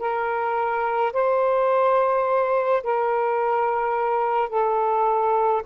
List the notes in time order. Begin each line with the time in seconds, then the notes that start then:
0.00 A#4
1.13 C5
2.84 A#4
4.50 A4